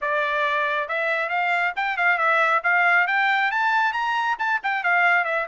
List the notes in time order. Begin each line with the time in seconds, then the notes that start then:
0.01 D5
0.88 E5
1.29 F5
1.76 G5
1.97 F5
2.18 E5
2.63 F5
3.07 G5
3.51 A5
3.93 A#5
4.38 A5
4.63 G5
4.83 F5
5.24 E5